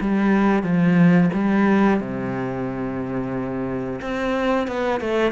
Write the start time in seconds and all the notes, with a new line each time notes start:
0.00 G3
0.63 F3
1.33 G3
2.00 C3
4.01 C4
4.67 B3
5.00 A3